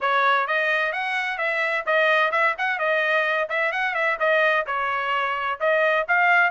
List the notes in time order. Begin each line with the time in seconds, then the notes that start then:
0.00 C#5
0.47 D#5
0.92 F#5
1.38 E5
1.85 D#5
2.31 E5
2.58 F#5
2.78 D#5
3.49 E5
3.71 F#5
3.94 E5
4.19 D#5
4.66 C#5
5.59 D#5
6.08 F5